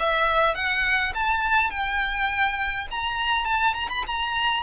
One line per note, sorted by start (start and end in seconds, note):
0.00 0.55 E5
0.55 1.13 F#5
1.15 1.71 A5
1.71 2.88 G5
2.91 3.46 A#5
3.46 3.74 A5
3.74 3.89 A#5
3.90 4.04 B5
4.07 4.63 A#5